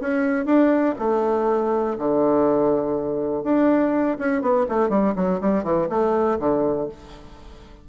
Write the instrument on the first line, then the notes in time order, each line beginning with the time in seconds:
bassoon
0.00 C#4
0.45 D4
0.99 A3
1.98 D3
3.43 D4
4.18 C#4
4.41 B3
4.68 A3
4.89 G3
5.15 F#3
5.41 G3
5.63 E3
5.89 A3
6.39 D3